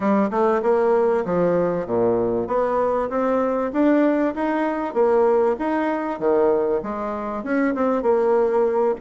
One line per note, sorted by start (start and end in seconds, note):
0.00 0.30 G3
0.30 0.61 A3
0.62 1.24 A#3
1.25 1.86 F3
1.86 2.47 A#2
2.47 3.09 B3
3.09 3.71 C4
3.72 4.34 D4
4.34 4.94 D#4
4.94 5.56 A#3
5.58 6.19 D#4
6.19 6.81 D#3
6.82 7.43 G#3
7.43 7.74 C#4
7.74 8.02 C4
8.02 8.95 A#3